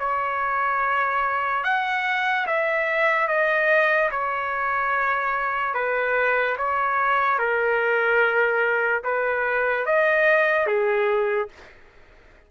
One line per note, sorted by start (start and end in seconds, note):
0.00 1.64 C#5
1.64 2.47 F#5
2.47 3.28 E5
3.28 4.10 D#5
4.11 5.75 C#5
5.75 6.57 B4
6.58 7.39 C#5
7.39 9.03 A#4
9.04 9.86 B4
9.86 10.67 D#5
10.67 11.49 G#4